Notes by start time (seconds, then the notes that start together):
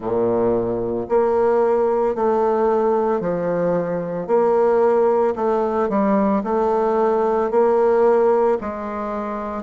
0.00 A#2
1.08 A#3
2.15 A3
3.20 F3
4.27 A#3
5.35 A3
5.89 G3
6.43 A3
7.50 A#3
8.60 G#3